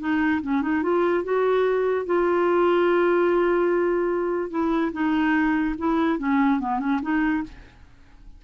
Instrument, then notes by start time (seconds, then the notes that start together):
clarinet
0.00 D#4
0.42 C#4
0.62 D#4
0.83 F4
1.24 F#4
2.06 F4
4.51 E4
4.93 D#4
5.79 E4
6.19 C#4
6.60 B3
6.80 C#4
7.03 D#4